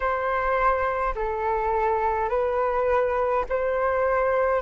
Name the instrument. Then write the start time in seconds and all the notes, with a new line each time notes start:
flute
0.00 C5
1.15 A4
2.29 B4
3.49 C5